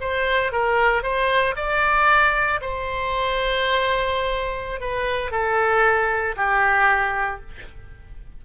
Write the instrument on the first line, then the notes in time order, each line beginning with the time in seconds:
oboe
0.00 C5
0.52 A#4
1.02 C5
1.56 D5
2.61 C5
4.80 B4
5.31 A4
6.36 G4